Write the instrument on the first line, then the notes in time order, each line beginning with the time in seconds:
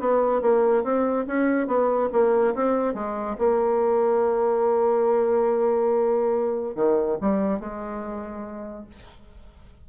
bassoon
0.00 B3
0.42 A#3
0.84 C4
1.27 C#4
1.67 B3
2.12 A#3
2.55 C4
2.94 G#3
3.39 A#3
6.75 D#3
7.21 G3
7.60 G#3